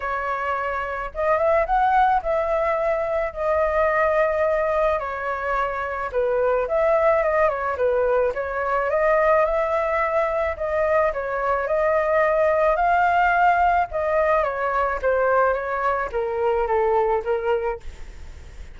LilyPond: \new Staff \with { instrumentName = "flute" } { \time 4/4 \tempo 4 = 108 cis''2 dis''8 e''8 fis''4 | e''2 dis''2~ | dis''4 cis''2 b'4 | e''4 dis''8 cis''8 b'4 cis''4 |
dis''4 e''2 dis''4 | cis''4 dis''2 f''4~ | f''4 dis''4 cis''4 c''4 | cis''4 ais'4 a'4 ais'4 | }